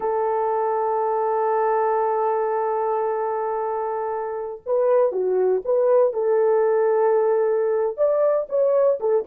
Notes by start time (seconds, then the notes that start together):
0.00 A4
4.65 B4
5.12 F#4
5.64 B4
6.13 A4
7.97 D5
8.49 C#5
9.00 A4